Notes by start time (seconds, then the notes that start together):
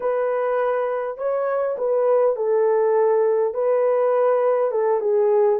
0.00 B4
1.17 C#5
1.78 B4
2.36 A4
3.54 B4
4.71 A4
5.00 G#4